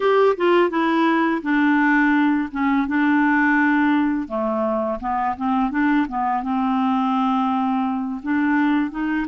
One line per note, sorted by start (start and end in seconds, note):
0.00 0.35 G4
0.36 0.69 F4
0.69 1.41 E4
1.42 2.49 D4
2.51 2.87 C#4
2.87 4.28 D4
4.28 4.99 A3
5.00 5.35 B3
5.36 5.70 C4
5.70 6.06 D4
6.08 6.43 B3
6.43 8.21 C4
8.22 8.91 D4
8.91 9.26 D#4